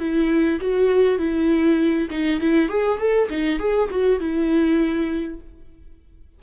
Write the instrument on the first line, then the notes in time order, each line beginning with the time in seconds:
viola
0.00 E4
0.61 F#4
1.19 E4
2.11 D#4
2.41 E4
2.69 G#4
2.99 A4
3.30 D#4
3.59 G#4
3.91 F#4
4.21 E4